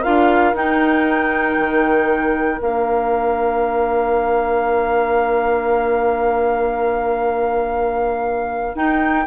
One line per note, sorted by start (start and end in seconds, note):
0.00 0.55 F4
0.00 9.23 A#4
0.00 0.55 F5
0.06 0.54 D4
0.54 1.56 D#4
0.54 2.59 D#4
0.54 2.62 G5
1.58 2.60 D#3
2.59 8.75 A#3
2.59 8.74 D4
2.59 8.77 F5
8.75 9.26 D#4
8.75 9.27 G5